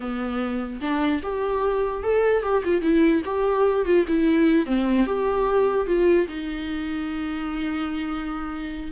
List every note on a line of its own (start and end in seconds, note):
0.00 0.80 B3
0.81 1.21 D4
1.22 2.03 G4
2.03 2.42 A4
2.42 2.63 G4
2.64 2.81 F4
2.81 3.22 E4
3.25 3.85 G4
3.85 4.05 F4
4.07 4.66 E4
4.66 5.06 C4
5.06 5.86 G4
5.86 6.27 F4
6.28 8.91 D#4